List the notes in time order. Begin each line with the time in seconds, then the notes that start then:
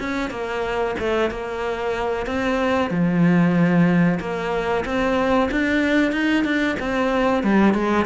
0.00 C#4
0.31 A#3
1.00 A3
1.31 A#3
2.27 C4
2.91 F3
4.21 A#3
4.86 C4
5.52 D4
6.13 D#4
6.45 D4
6.80 C4
7.44 G3
7.74 G#3